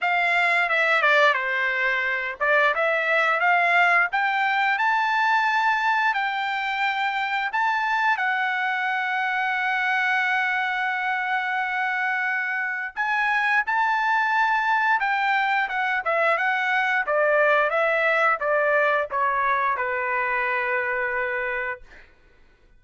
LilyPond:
\new Staff \with { instrumentName = "trumpet" } { \time 4/4 \tempo 4 = 88 f''4 e''8 d''8 c''4. d''8 | e''4 f''4 g''4 a''4~ | a''4 g''2 a''4 | fis''1~ |
fis''2. gis''4 | a''2 g''4 fis''8 e''8 | fis''4 d''4 e''4 d''4 | cis''4 b'2. | }